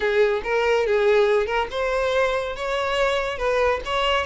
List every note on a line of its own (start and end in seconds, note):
0.00 0.42 G#4
0.43 0.86 A#4
0.86 1.46 G#4
1.46 1.67 A#4
1.70 2.56 C5
2.56 3.38 C#5
3.38 3.80 B4
3.85 4.25 C#5